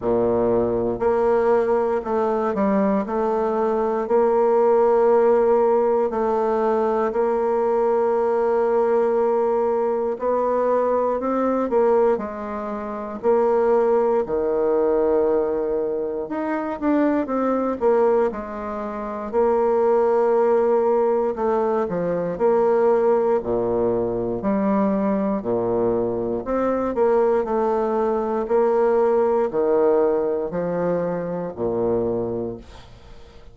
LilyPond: \new Staff \with { instrumentName = "bassoon" } { \time 4/4 \tempo 4 = 59 ais,4 ais4 a8 g8 a4 | ais2 a4 ais4~ | ais2 b4 c'8 ais8 | gis4 ais4 dis2 |
dis'8 d'8 c'8 ais8 gis4 ais4~ | ais4 a8 f8 ais4 ais,4 | g4 ais,4 c'8 ais8 a4 | ais4 dis4 f4 ais,4 | }